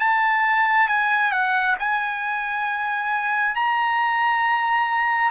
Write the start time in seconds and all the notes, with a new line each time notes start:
0.00 A5
0.88 G#5
1.32 F#5
1.79 G#5
3.56 A#5